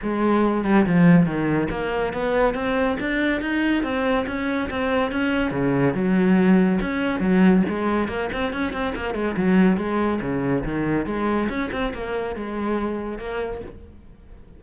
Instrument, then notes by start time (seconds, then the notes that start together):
cello
0.02 G#3
0.64 G3
0.85 F3
1.26 D#3
1.70 A#3
2.13 B3
2.54 C4
3.00 D4
3.41 D#4
3.83 C4
4.26 C#4
4.69 C4
5.11 C#4
5.51 C#3
5.94 F#3
6.81 C#4
7.20 F#3
7.68 G#3
8.08 A#3
8.32 C4
8.52 C#4
8.72 C4
8.95 A#3
9.14 G#3
9.37 F#3
9.77 G#3
10.21 C#3
10.64 D#3
11.05 G#3
11.49 C#4
11.72 C4
11.94 A#3
12.35 G#3
13.18 A#3